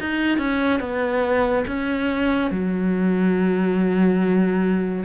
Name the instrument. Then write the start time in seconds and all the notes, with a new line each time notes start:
cello
0.00 D#4
0.38 C#4
0.80 B3
1.67 C#4
2.51 F#3